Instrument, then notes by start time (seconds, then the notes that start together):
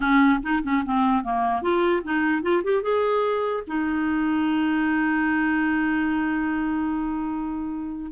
clarinet
0.00 C#4
0.42 D#4
0.63 C#4
0.85 C4
1.23 A#3
1.62 F4
2.03 D#4
2.42 F4
2.63 G4
2.82 G#4
3.67 D#4